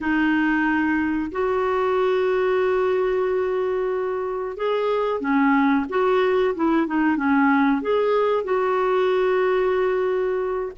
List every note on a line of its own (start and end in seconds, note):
0.00 1.31 D#4
1.31 4.57 F#4
4.57 5.20 G#4
5.20 5.85 C#4
5.89 6.54 F#4
6.55 6.86 E4
6.86 7.16 D#4
7.16 7.81 C#4
7.81 8.43 G#4
8.43 10.72 F#4